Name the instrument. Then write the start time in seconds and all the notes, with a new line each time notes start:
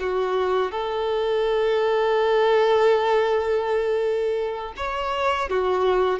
violin
0.00 F#4
0.72 A4
4.77 C#5
5.49 F#4